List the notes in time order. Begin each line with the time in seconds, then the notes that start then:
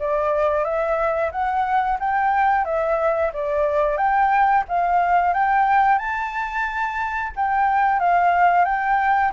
0.00 D5
0.65 E5
1.32 F#5
2.00 G5
2.65 E5
3.34 D5
3.98 G5
4.68 F5
5.34 G5
5.99 A5
7.36 G5
8.00 F5
8.65 G5